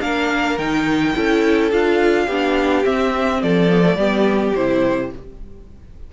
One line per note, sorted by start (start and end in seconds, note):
0.00 0.58 A#3
0.00 0.57 D4
0.00 1.15 A#4
0.00 0.58 F5
0.58 1.14 D#3
0.58 1.14 D#4
0.58 1.71 G5
1.14 1.71 C#4
1.14 1.70 E4
1.14 2.25 A4
1.71 2.27 D4
1.71 2.28 F4
1.71 2.85 F5
2.25 2.84 B3
2.25 2.83 D4
2.25 3.38 G4
2.83 3.68 C4
2.83 3.42 C4
2.83 3.42 E5
3.42 3.96 F3
3.42 3.98 A4
3.42 4.54 D5
3.70 3.81 B3
3.81 3.96 A3
3.96 4.52 G3
3.96 4.55 B3
3.96 5.11 G4
4.54 5.12 C3
4.54 5.12 E4
4.54 5.11 C5